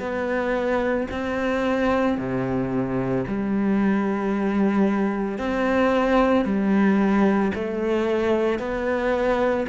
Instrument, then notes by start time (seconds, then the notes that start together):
cello
0.00 B3
1.11 C4
2.17 C3
3.27 G3
5.38 C4
6.45 G3
7.54 A3
8.59 B3